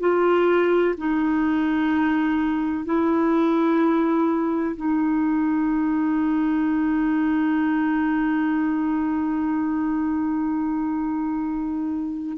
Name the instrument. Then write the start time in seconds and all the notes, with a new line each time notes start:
clarinet
0.00 F4
0.98 D#4
2.86 E4
4.77 D#4